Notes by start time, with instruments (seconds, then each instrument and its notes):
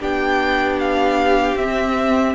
0.00 cello B3, viola D4, violin G4 G5
0.79 violin F5
1.55 cello C4, viola C4, violin E5